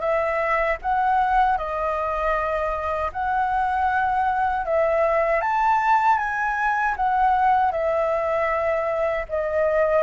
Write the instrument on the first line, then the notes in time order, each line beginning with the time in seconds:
flute
0.00 E5
0.81 F#5
1.57 D#5
3.12 F#5
4.65 E5
5.41 A5
6.18 G#5
6.96 F#5
7.71 E5
9.29 D#5